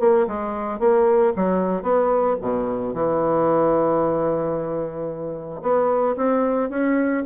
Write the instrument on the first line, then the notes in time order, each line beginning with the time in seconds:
bassoon
0.00 A#3
0.27 G#3
0.80 A#3
1.36 F#3
1.83 B3
2.41 B2
2.94 E3
5.62 B3
6.17 C4
6.70 C#4